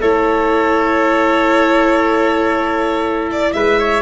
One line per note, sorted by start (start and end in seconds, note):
0.00 3.53 A3
0.00 4.03 E4
0.00 3.54 A4
0.00 3.30 C#5
3.32 3.53 D5
3.53 4.03 G#3
3.53 3.79 B4
3.53 4.03 E5
3.79 4.03 C#5